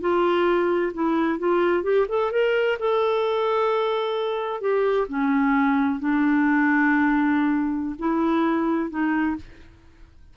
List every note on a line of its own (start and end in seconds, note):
0.00 0.92 F4
0.93 1.39 E4
1.39 1.83 F4
1.83 2.06 G4
2.08 2.31 A4
2.31 2.78 A#4
2.79 4.61 A4
4.61 5.07 G4
5.08 5.99 C#4
5.99 7.96 D4
7.99 8.90 E4
8.90 9.36 D#4